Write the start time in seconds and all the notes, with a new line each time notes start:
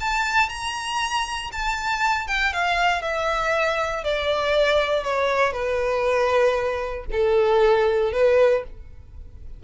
0.00 A5
0.49 A#5
1.52 A5
2.28 G5
2.53 F5
3.02 E5
4.04 D5
5.04 C#5
5.53 B4
7.12 A4
8.12 B4